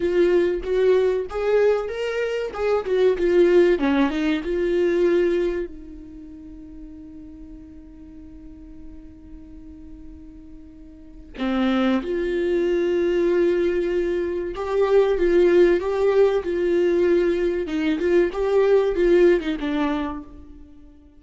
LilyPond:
\new Staff \with { instrumentName = "viola" } { \time 4/4 \tempo 4 = 95 f'4 fis'4 gis'4 ais'4 | gis'8 fis'8 f'4 cis'8 dis'8 f'4~ | f'4 dis'2.~ | dis'1~ |
dis'2 c'4 f'4~ | f'2. g'4 | f'4 g'4 f'2 | dis'8 f'8 g'4 f'8. dis'16 d'4 | }